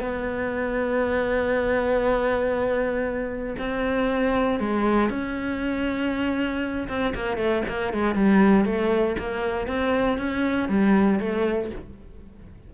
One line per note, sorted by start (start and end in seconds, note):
0.00 3.56 B3
3.58 4.60 C4
4.60 5.10 G#3
5.10 6.88 C#4
6.88 7.14 C4
7.15 7.37 A#3
7.37 7.63 A3
7.68 7.93 A#3
7.93 8.15 G#3
8.15 8.65 G3
8.65 9.16 A3
9.19 9.67 A#3
9.67 10.18 C4
10.18 10.69 C#4
10.69 11.20 G3
11.20 11.70 A3